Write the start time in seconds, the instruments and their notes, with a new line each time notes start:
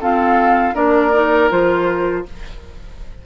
0.00 clarinet C4, bassoon F4, oboe A4, flute F5
0.74 bassoon A#3, clarinet D4, oboe A#4, flute D5
1.13 clarinet D#4
1.50 bassoon F3, clarinet F4, flute C5